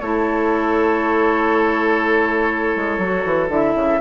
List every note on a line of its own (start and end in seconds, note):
0.00 2.76 A3
0.00 3.03 E4
0.00 4.01 A4
0.00 3.50 C#5
2.76 2.98 G#3
2.98 3.23 F#3
2.98 3.50 F#4
3.26 3.49 E3
3.49 3.74 D3
3.49 4.00 E4
3.49 4.01 E5
3.75 4.00 C#3